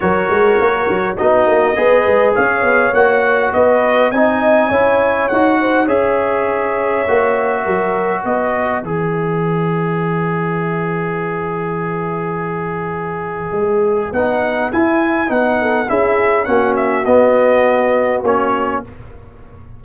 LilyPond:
<<
  \new Staff \with { instrumentName = "trumpet" } { \time 4/4 \tempo 4 = 102 cis''2 dis''2 | f''4 fis''4 dis''4 gis''4~ | gis''4 fis''4 e''2~ | e''2 dis''4 e''4~ |
e''1~ | e''1 | fis''4 gis''4 fis''4 e''4 | fis''8 e''8 dis''2 cis''4 | }
  \new Staff \with { instrumentName = "horn" } { \time 4/4 ais'2 fis'4 b'4 | cis''2 b'4 dis''4 | cis''4. c''8 cis''2~ | cis''4 ais'4 b'2~ |
b'1~ | b'1~ | b'2~ b'8 a'8 gis'4 | fis'1 | }
  \new Staff \with { instrumentName = "trombone" } { \time 4/4 fis'2 dis'4 gis'4~ | gis'4 fis'2 dis'4 | e'4 fis'4 gis'2 | fis'2. gis'4~ |
gis'1~ | gis'1 | dis'4 e'4 dis'4 e'4 | cis'4 b2 cis'4 | }
  \new Staff \with { instrumentName = "tuba" } { \time 4/4 fis8 gis8 ais8 fis8 b8 ais8 b8 gis8 | cis'8 b8 ais4 b4 c'4 | cis'4 dis'4 cis'2 | ais4 fis4 b4 e4~ |
e1~ | e2. gis4 | b4 e'4 b4 cis'4 | ais4 b2 ais4 | }
>>